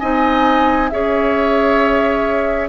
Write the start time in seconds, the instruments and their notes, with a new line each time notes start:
0.00 bassoon C4, clarinet D#4, oboe D#5, flute G#5
0.90 bassoon C#4, clarinet G#4, oboe C#5, flute E5